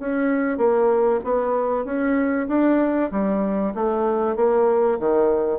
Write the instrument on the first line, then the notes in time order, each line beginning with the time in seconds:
bassoon
0.00 C#4
0.58 A#3
1.24 B3
1.85 C#4
2.49 D4
3.11 G3
3.75 A3
4.37 A#3
5.00 D#3